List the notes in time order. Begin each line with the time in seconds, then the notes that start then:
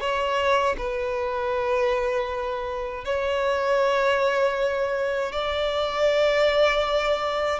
0.00 C#5
0.78 B4
3.05 C#5
5.32 D5